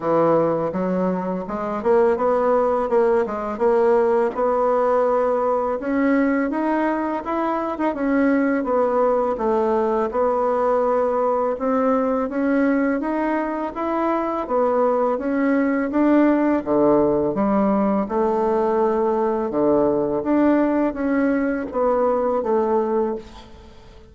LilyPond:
\new Staff \with { instrumentName = "bassoon" } { \time 4/4 \tempo 4 = 83 e4 fis4 gis8 ais8 b4 | ais8 gis8 ais4 b2 | cis'4 dis'4 e'8. dis'16 cis'4 | b4 a4 b2 |
c'4 cis'4 dis'4 e'4 | b4 cis'4 d'4 d4 | g4 a2 d4 | d'4 cis'4 b4 a4 | }